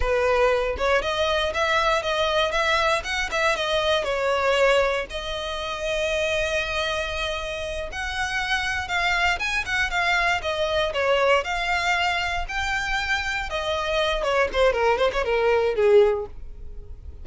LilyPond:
\new Staff \with { instrumentName = "violin" } { \time 4/4 \tempo 4 = 118 b'4. cis''8 dis''4 e''4 | dis''4 e''4 fis''8 e''8 dis''4 | cis''2 dis''2~ | dis''2.~ dis''8 fis''8~ |
fis''4. f''4 gis''8 fis''8 f''8~ | f''8 dis''4 cis''4 f''4.~ | f''8 g''2 dis''4. | cis''8 c''8 ais'8 c''16 cis''16 ais'4 gis'4 | }